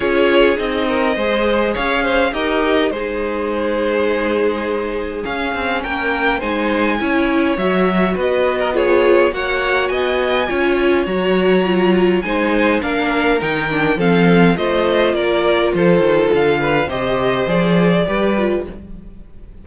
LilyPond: <<
  \new Staff \with { instrumentName = "violin" } { \time 4/4 \tempo 4 = 103 cis''4 dis''2 f''4 | dis''4 c''2.~ | c''4 f''4 g''4 gis''4~ | gis''4 e''4 dis''4 cis''4 |
fis''4 gis''2 ais''4~ | ais''4 gis''4 f''4 g''4 | f''4 dis''4 d''4 c''4 | f''4 dis''4 d''2 | }
  \new Staff \with { instrumentName = "violin" } { \time 4/4 gis'4. ais'8 c''4 cis''8 c''8 | ais'4 gis'2.~ | gis'2 ais'4 c''4 | cis''2 b'8. ais'16 gis'4 |
cis''4 dis''4 cis''2~ | cis''4 c''4 ais'2 | a'4 c''4 ais'4 a'4~ | a'8 b'8 c''2 b'4 | }
  \new Staff \with { instrumentName = "viola" } { \time 4/4 f'4 dis'4 gis'2 | g'4 dis'2.~ | dis'4 cis'2 dis'4 | e'4 fis'2 f'4 |
fis'2 f'4 fis'4 | f'4 dis'4 d'4 dis'8 d'8 | c'4 f'2.~ | f'4 g'4 gis'4 g'8 f'8 | }
  \new Staff \with { instrumentName = "cello" } { \time 4/4 cis'4 c'4 gis4 cis'4 | dis'4 gis2.~ | gis4 cis'8 c'8 ais4 gis4 | cis'4 fis4 b2 |
ais4 b4 cis'4 fis4~ | fis4 gis4 ais4 dis4 | f4 a4 ais4 f8 dis8 | d4 c4 f4 g4 | }
>>